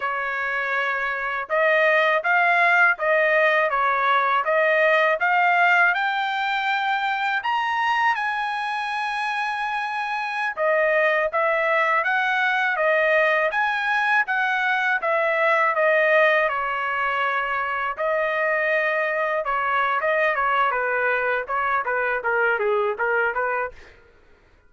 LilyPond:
\new Staff \with { instrumentName = "trumpet" } { \time 4/4 \tempo 4 = 81 cis''2 dis''4 f''4 | dis''4 cis''4 dis''4 f''4 | g''2 ais''4 gis''4~ | gis''2~ gis''16 dis''4 e''8.~ |
e''16 fis''4 dis''4 gis''4 fis''8.~ | fis''16 e''4 dis''4 cis''4.~ cis''16~ | cis''16 dis''2 cis''8. dis''8 cis''8 | b'4 cis''8 b'8 ais'8 gis'8 ais'8 b'8 | }